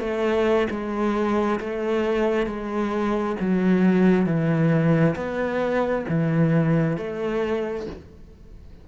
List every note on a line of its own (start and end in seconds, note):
0.00 0.67 A3
0.70 1.60 G#3
1.60 2.46 A3
2.46 3.36 G#3
3.40 4.26 F#3
4.26 5.15 E3
5.15 6.05 B3
6.09 6.97 E3
6.97 7.87 A3